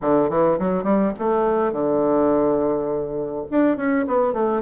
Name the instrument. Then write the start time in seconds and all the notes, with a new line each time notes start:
bassoon
0.01 D3
0.29 E3
0.58 F#3
0.83 G3
1.18 A3
1.72 D3
3.50 D4
3.77 C#4
4.07 B3
4.33 A3